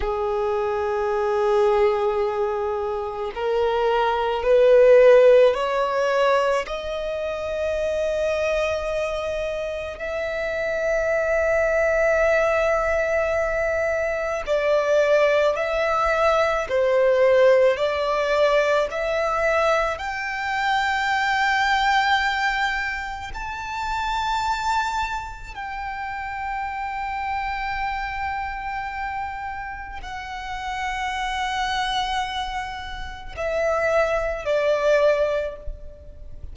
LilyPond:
\new Staff \with { instrumentName = "violin" } { \time 4/4 \tempo 4 = 54 gis'2. ais'4 | b'4 cis''4 dis''2~ | dis''4 e''2.~ | e''4 d''4 e''4 c''4 |
d''4 e''4 g''2~ | g''4 a''2 g''4~ | g''2. fis''4~ | fis''2 e''4 d''4 | }